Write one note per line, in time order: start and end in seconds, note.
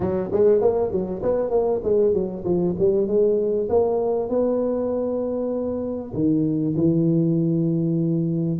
0.00 0.30 F#3
0.32 0.61 G#3
0.61 0.91 A#3
0.91 1.22 F#3
1.22 1.50 B3
1.50 1.80 A#3
1.83 2.13 G#3
2.13 2.44 F#3
2.44 2.74 F3
2.78 3.07 G3
3.07 3.68 G#3
3.69 4.29 A#3
4.29 6.12 B3
6.14 6.75 D#3
6.75 8.59 E3